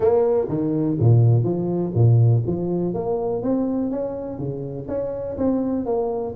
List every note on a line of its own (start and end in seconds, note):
0.00 0.47 A#3
0.48 0.97 D#3
0.99 1.43 A#2
1.43 1.92 F3
1.94 2.43 A#2
2.46 2.94 F3
2.94 3.42 A#3
3.42 3.90 C4
3.90 4.38 C#4
4.38 4.87 C#3
4.88 5.36 C#4
5.37 5.85 C4
5.85 6.34 A#3